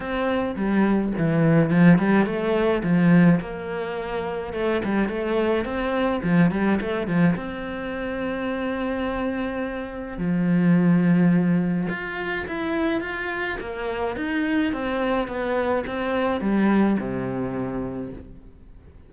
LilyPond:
\new Staff \with { instrumentName = "cello" } { \time 4/4 \tempo 4 = 106 c'4 g4 e4 f8 g8 | a4 f4 ais2 | a8 g8 a4 c'4 f8 g8 | a8 f8 c'2.~ |
c'2 f2~ | f4 f'4 e'4 f'4 | ais4 dis'4 c'4 b4 | c'4 g4 c2 | }